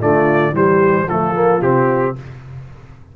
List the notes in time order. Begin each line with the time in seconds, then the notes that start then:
0.00 D3 A3 F4 D5
0.52 E3 G3 G4 C5
1.07 F3 A3 F4 A4
1.34 A#3
1.62 C3 C4 G4